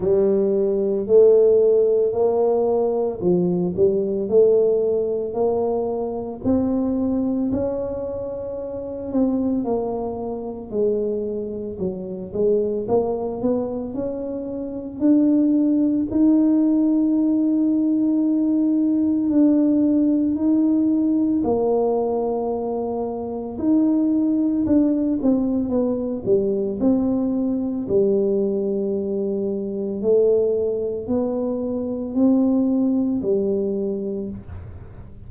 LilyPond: \new Staff \with { instrumentName = "tuba" } { \time 4/4 \tempo 4 = 56 g4 a4 ais4 f8 g8 | a4 ais4 c'4 cis'4~ | cis'8 c'8 ais4 gis4 fis8 gis8 | ais8 b8 cis'4 d'4 dis'4~ |
dis'2 d'4 dis'4 | ais2 dis'4 d'8 c'8 | b8 g8 c'4 g2 | a4 b4 c'4 g4 | }